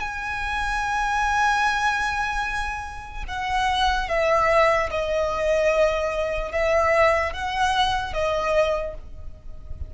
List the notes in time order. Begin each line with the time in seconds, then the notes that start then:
0.00 G#5
3.28 F#5
4.09 E5
4.91 D#5
6.52 E5
7.33 F#5
8.13 D#5